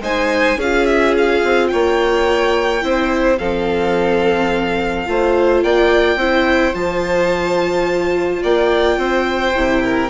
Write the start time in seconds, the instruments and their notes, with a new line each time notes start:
0.00 bassoon G#3, viola D#4, violin C5 G#5
0.56 bassoon C#4, viola F4, violin G#4 F5
0.86 violin E5
1.17 violin F5
1.44 bassoon C4
1.68 bassoon A#3, violin C#5 G5
2.81 bassoon C4, viola E4, violin C5
3.38 bassoon F3, viola C4, violin A4 F5
5.06 bassoon A3, viola F4, violin C5
5.62 bassoon A#3, violin D5 G5
6.16 bassoon C4, viola E4, violin C5
6.74 bassoon F3, viola F4, violin A5
8.42 bassoon A#3, violin D5 G5
8.97 bassoon C4, violin C5
9.55 bassoon C3, viola E4
9.83 violin A#4